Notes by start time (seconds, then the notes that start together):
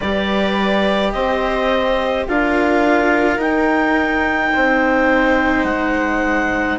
0.00 G3 G4 B4 D5
1.12 C4 C5 D#5
2.28 D4 F4 A#4 F5
3.37 D#4 G5
4.52 C4 C5
5.63 G#3 F#5